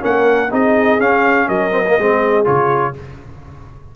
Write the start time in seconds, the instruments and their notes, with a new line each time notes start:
0.00 tuba A#3, trombone C#4, horn A#4, trumpet F#5
0.51 tuba C4, trombone D#4, horn G#4, trumpet D#5
0.99 trombone C#4, tuba C#4, trumpet F5
1.47 tuba F#3, horn A#4, trumpet D#5
1.71 trombone C4
1.87 trombone A#3
1.96 tuba G#3, trombone C4, horn G#4
2.45 tuba C#3, trombone F4, trumpet C#5